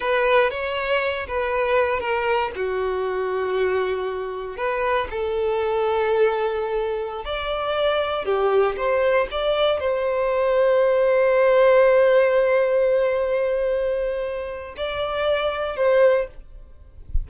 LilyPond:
\new Staff \with { instrumentName = "violin" } { \time 4/4 \tempo 4 = 118 b'4 cis''4. b'4. | ais'4 fis'2.~ | fis'4 b'4 a'2~ | a'2~ a'16 d''4.~ d''16~ |
d''16 g'4 c''4 d''4 c''8.~ | c''1~ | c''1~ | c''4 d''2 c''4 | }